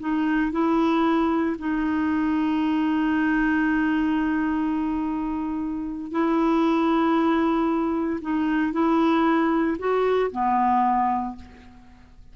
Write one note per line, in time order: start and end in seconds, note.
0.00 0.52 D#4
0.52 1.56 E4
1.59 6.12 D#4
6.12 8.20 E4
8.22 8.73 D#4
8.73 9.77 E4
9.79 10.31 F#4
10.32 11.36 B3